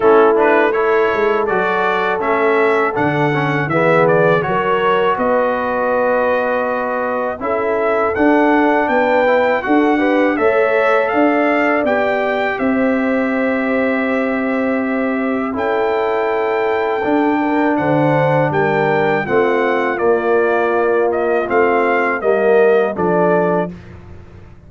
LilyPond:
<<
  \new Staff \with { instrumentName = "trumpet" } { \time 4/4 \tempo 4 = 81 a'8 b'8 cis''4 d''4 e''4 | fis''4 e''8 d''8 cis''4 dis''4~ | dis''2 e''4 fis''4 | g''4 fis''4 e''4 f''4 |
g''4 e''2.~ | e''4 g''2. | fis''4 g''4 fis''4 d''4~ | d''8 dis''8 f''4 dis''4 d''4 | }
  \new Staff \with { instrumentName = "horn" } { \time 4/4 e'4 a'2.~ | a'4 gis'4 ais'4 b'4~ | b'2 a'2 | b'4 a'8 b'8 cis''4 d''4~ |
d''4 c''2.~ | c''4 a'2~ a'8 ais'8 | c''4 ais'4 f'2~ | f'2 ais'4 a'4 | }
  \new Staff \with { instrumentName = "trombone" } { \time 4/4 cis'8 d'8 e'4 fis'4 cis'4 | d'8 cis'8 b4 fis'2~ | fis'2 e'4 d'4~ | d'8 e'8 fis'8 g'8 a'2 |
g'1~ | g'4 e'2 d'4~ | d'2 c'4 ais4~ | ais4 c'4 ais4 d'4 | }
  \new Staff \with { instrumentName = "tuba" } { \time 4/4 a4. gis8 fis4 a4 | d4 e4 fis4 b4~ | b2 cis'4 d'4 | b4 d'4 a4 d'4 |
b4 c'2.~ | c'4 cis'2 d'4 | d4 g4 a4 ais4~ | ais4 a4 g4 f4 | }
>>